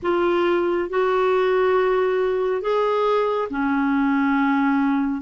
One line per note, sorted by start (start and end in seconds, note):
0.02 0.89 F4
0.89 2.61 F#4
2.61 3.48 G#4
3.49 5.21 C#4